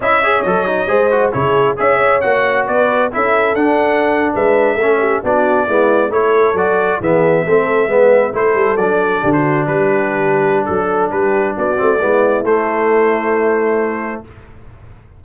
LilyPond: <<
  \new Staff \with { instrumentName = "trumpet" } { \time 4/4 \tempo 4 = 135 e''4 dis''2 cis''4 | e''4 fis''4 d''4 e''4 | fis''4.~ fis''16 e''2 d''16~ | d''4.~ d''16 cis''4 d''4 e''16~ |
e''2~ e''8. c''4 d''16~ | d''4 c''8. b'2~ b'16 | a'4 b'4 d''2 | c''1 | }
  \new Staff \with { instrumentName = "horn" } { \time 4/4 dis''8 cis''4. c''4 gis'4 | cis''2 b'4 a'4~ | a'4.~ a'16 b'4 a'8 g'8 fis'16~ | fis'8. e'4 a'2 gis'16~ |
gis'8. a'4 b'4 a'4~ a'16~ | a'8. g'16 fis'8. g'2~ g'16 | a'4 g'4 fis'4 e'4~ | e'1 | }
  \new Staff \with { instrumentName = "trombone" } { \time 4/4 e'8 gis'8 a'8 dis'8 gis'8 fis'8 e'4 | gis'4 fis'2 e'4 | d'2~ d'8. cis'4 d'16~ | d'8. b4 e'4 fis'4 b16~ |
b8. c'4 b4 e'4 d'16~ | d'1~ | d'2~ d'8 c'8 b4 | a1 | }
  \new Staff \with { instrumentName = "tuba" } { \time 4/4 cis'4 fis4 gis4 cis4 | cis'4 ais4 b4 cis'4 | d'4.~ d'16 gis4 a4 b16~ | b8. gis4 a4 fis4 e16~ |
e8. a4 gis4 a8 g8 fis16~ | fis8. d4 g2~ g16 | fis4 g4 b8 a8 gis4 | a1 | }
>>